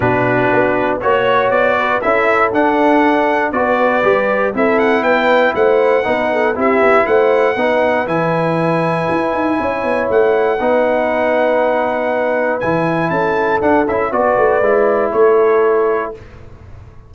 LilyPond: <<
  \new Staff \with { instrumentName = "trumpet" } { \time 4/4 \tempo 4 = 119 b'2 cis''4 d''4 | e''4 fis''2 d''4~ | d''4 e''8 fis''8 g''4 fis''4~ | fis''4 e''4 fis''2 |
gis''1 | fis''1~ | fis''4 gis''4 a''4 fis''8 e''8 | d''2 cis''2 | }
  \new Staff \with { instrumentName = "horn" } { \time 4/4 fis'2 cis''4. b'8 | a'2. b'4~ | b'4 a'4 b'4 c''4 | b'8 a'8 g'4 c''4 b'4~ |
b'2. cis''4~ | cis''4 b'2.~ | b'2 a'2 | b'2 a'2 | }
  \new Staff \with { instrumentName = "trombone" } { \time 4/4 d'2 fis'2 | e'4 d'2 fis'4 | g'4 e'2. | dis'4 e'2 dis'4 |
e'1~ | e'4 dis'2.~ | dis'4 e'2 d'8 e'8 | fis'4 e'2. | }
  \new Staff \with { instrumentName = "tuba" } { \time 4/4 b,4 b4 ais4 b4 | cis'4 d'2 b4 | g4 c'4 b4 a4 | b4 c'8 b8 a4 b4 |
e2 e'8 dis'8 cis'8 b8 | a4 b2.~ | b4 e4 cis'4 d'8 cis'8 | b8 a8 gis4 a2 | }
>>